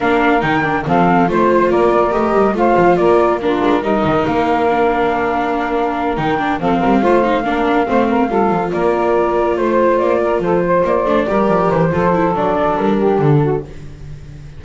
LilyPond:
<<
  \new Staff \with { instrumentName = "flute" } { \time 4/4 \tempo 4 = 141 f''4 g''4 f''4 c''4 | d''4 dis''4 f''4 d''4 | ais'4 dis''4 f''2~ | f''2~ f''8 g''4 f''8~ |
f''1~ | f''8 d''2 c''4 d''8~ | d''8 c''4 d''2 c''8~ | c''4 d''4 ais'4 a'4 | }
  \new Staff \with { instrumentName = "saxophone" } { \time 4/4 ais'2 a'4 c''4 | ais'2 c''4 ais'4 | f'4 ais'2.~ | ais'2.~ ais'8 a'8 |
ais'8 c''4 ais'4 c''8 ais'8 a'8~ | a'8 ais'2 c''4. | ais'8 a'8 c''4. ais'4. | a'2~ a'8 g'4 fis'8 | }
  \new Staff \with { instrumentName = "viola" } { \time 4/4 d'4 dis'8 d'8 c'4 f'4~ | f'4 g'4 f'2 | d'4 dis'2 d'4~ | d'2~ d'8 dis'8 d'8 c'8~ |
c'8 f'8 dis'8 d'4 c'4 f'8~ | f'1~ | f'2 d'8 g'4. | f'8 e'8 d'2. | }
  \new Staff \with { instrumentName = "double bass" } { \time 4/4 ais4 dis4 f4 a4 | ais4 a8 g8 a8 f8 ais4~ | ais8 gis8 g8 dis8 ais2~ | ais2~ ais8 dis4 f8 |
g8 a4 ais4 a4 g8 | f8 ais2 a4 ais8~ | ais8 f4 ais8 a8 g8 f8 e8 | f4 fis4 g4 d4 | }
>>